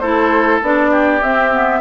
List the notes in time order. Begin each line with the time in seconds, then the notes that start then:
0.00 A3 E4 A4 C5
0.62 B3 D4 D5
0.91 G4
1.22 C4 E5
1.52 B3